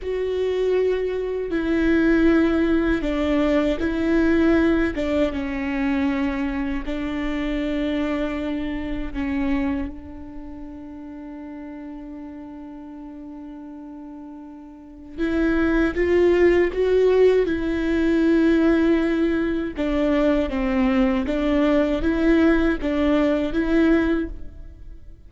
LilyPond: \new Staff \with { instrumentName = "viola" } { \time 4/4 \tempo 4 = 79 fis'2 e'2 | d'4 e'4. d'8 cis'4~ | cis'4 d'2. | cis'4 d'2.~ |
d'1 | e'4 f'4 fis'4 e'4~ | e'2 d'4 c'4 | d'4 e'4 d'4 e'4 | }